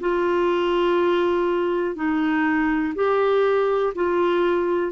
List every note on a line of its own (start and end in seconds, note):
0.00 1.95 F4
1.95 2.94 D#4
2.95 3.93 G4
3.95 4.92 F4